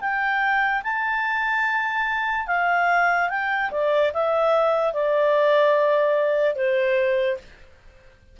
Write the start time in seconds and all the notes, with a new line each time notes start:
0.00 G5
0.83 A5
2.47 F5
3.29 G5
3.71 D5
4.13 E5
4.93 D5
6.55 C5